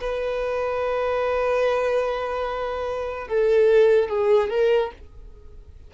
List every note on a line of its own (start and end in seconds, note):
0.00 3.28 B4
3.28 4.09 A4
4.09 4.49 G#4
4.49 4.91 A#4